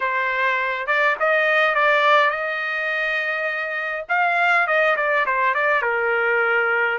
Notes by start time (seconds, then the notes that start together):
0.00 C5
0.86 D5
1.19 D#5
1.74 D5
2.30 D#5
4.08 F5
4.67 D#5
4.96 D5
5.26 C5
5.54 D5
5.81 A#4